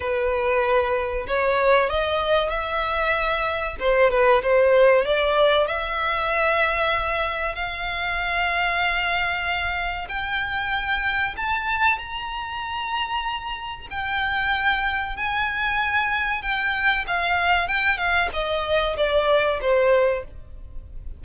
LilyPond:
\new Staff \with { instrumentName = "violin" } { \time 4/4 \tempo 4 = 95 b'2 cis''4 dis''4 | e''2 c''8 b'8 c''4 | d''4 e''2. | f''1 |
g''2 a''4 ais''4~ | ais''2 g''2 | gis''2 g''4 f''4 | g''8 f''8 dis''4 d''4 c''4 | }